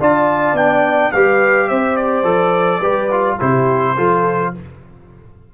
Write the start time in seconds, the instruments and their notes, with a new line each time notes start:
0.00 tuba D4, trombone F4, horn D5, trumpet A5
0.53 tuba B3, trombone D4, trumpet G5
1.12 tuba G3, trombone G4, horn B4, trumpet F5
1.69 tuba C4, horn C5, trumpet E5
1.97 trumpet D5
2.24 tuba F3, trombone A4
2.81 tuba G3, trombone G4, horn B4
3.12 trombone F4
3.40 tuba C3, trombone E4, horn G4, trumpet C5
3.97 tuba F3, trombone F4, horn A4